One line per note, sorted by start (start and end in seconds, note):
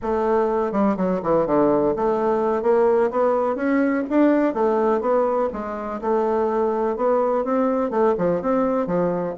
0.01 0.72 A3
0.72 0.96 G3
0.96 1.20 F#3
1.22 1.46 E3
1.46 1.94 D3
1.95 2.62 A3
2.62 3.10 A#3
3.10 3.55 B3
3.55 4.03 C#4
4.09 4.54 D4
4.54 5.01 A3
5.01 5.49 B3
5.52 6.00 G#3
6.01 6.96 A3
6.96 7.44 B3
7.44 7.90 C4
7.90 8.14 A3
8.18 8.41 F3
8.41 8.86 C4
8.86 9.34 F3